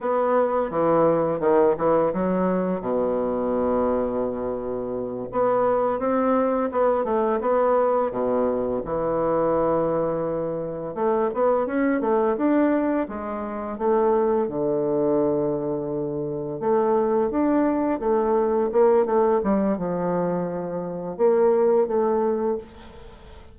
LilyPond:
\new Staff \with { instrumentName = "bassoon" } { \time 4/4 \tempo 4 = 85 b4 e4 dis8 e8 fis4 | b,2.~ b,8 b8~ | b8 c'4 b8 a8 b4 b,8~ | b,8 e2. a8 |
b8 cis'8 a8 d'4 gis4 a8~ | a8 d2. a8~ | a8 d'4 a4 ais8 a8 g8 | f2 ais4 a4 | }